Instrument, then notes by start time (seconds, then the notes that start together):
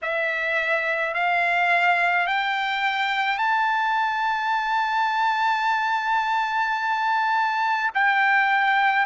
trumpet
0.02 E5
1.13 F5
2.26 G5
3.38 A5
7.94 G5